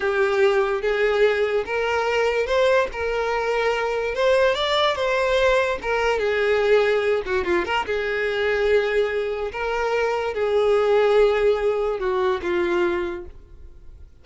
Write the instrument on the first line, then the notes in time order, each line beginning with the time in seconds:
violin
0.00 G4
0.81 G#4
1.65 A#4
2.46 C5
2.92 A#4
4.14 C5
4.55 D5
4.95 C5
5.82 A#4
6.19 G#4
7.25 F#4
7.44 F4
7.65 A#4
7.86 G#4
9.52 A#4
10.34 G#4
11.99 F#4
12.42 F4